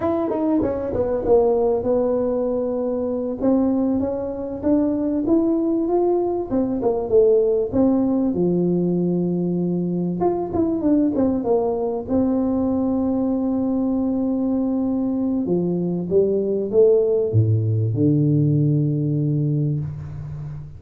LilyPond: \new Staff \with { instrumentName = "tuba" } { \time 4/4 \tempo 4 = 97 e'8 dis'8 cis'8 b8 ais4 b4~ | b4. c'4 cis'4 d'8~ | d'8 e'4 f'4 c'8 ais8 a8~ | a8 c'4 f2~ f8~ |
f8 f'8 e'8 d'8 c'8 ais4 c'8~ | c'1~ | c'4 f4 g4 a4 | a,4 d2. | }